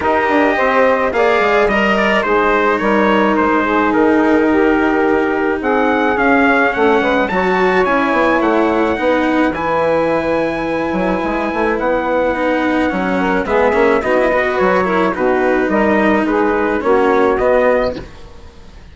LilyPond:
<<
  \new Staff \with { instrumentName = "trumpet" } { \time 4/4 \tempo 4 = 107 dis''2 f''4 dis''8 d''8 | c''4 cis''4 c''4 ais'4~ | ais'2 fis''4 f''4 | fis''4 a''4 gis''4 fis''4~ |
fis''4 gis''2.~ | gis''4 fis''2. | e''4 dis''4 cis''4 b'4 | dis''4 b'4 cis''4 dis''4 | }
  \new Staff \with { instrumentName = "saxophone" } { \time 4/4 ais'4 c''4 d''4 dis''4 | gis'4 ais'4. gis'4. | g'2 gis'2 | a'8 b'8 cis''2. |
b'1~ | b'2.~ b'8 ais'8 | gis'4 fis'8 b'4 ais'8 fis'4 | ais'4 gis'4 fis'2 | }
  \new Staff \with { instrumentName = "cello" } { \time 4/4 g'2 gis'4 ais'4 | dis'1~ | dis'2. cis'4~ | cis'4 fis'4 e'2 |
dis'4 e'2.~ | e'2 dis'4 cis'4 | b8 cis'8 dis'16 e'16 fis'4 e'8 dis'4~ | dis'2 cis'4 b4 | }
  \new Staff \with { instrumentName = "bassoon" } { \time 4/4 dis'8 d'8 c'4 ais8 gis8 g4 | gis4 g4 gis4 dis4~ | dis2 c'4 cis'4 | a8 gis8 fis4 cis'8 b8 a4 |
b4 e2~ e8 fis8 | gis8 a8 b2 fis4 | gis8 ais8 b4 fis4 b,4 | g4 gis4 ais4 b4 | }
>>